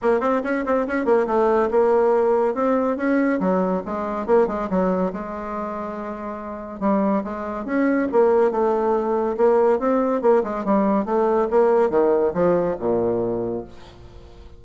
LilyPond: \new Staff \with { instrumentName = "bassoon" } { \time 4/4 \tempo 4 = 141 ais8 c'8 cis'8 c'8 cis'8 ais8 a4 | ais2 c'4 cis'4 | fis4 gis4 ais8 gis8 fis4 | gis1 |
g4 gis4 cis'4 ais4 | a2 ais4 c'4 | ais8 gis8 g4 a4 ais4 | dis4 f4 ais,2 | }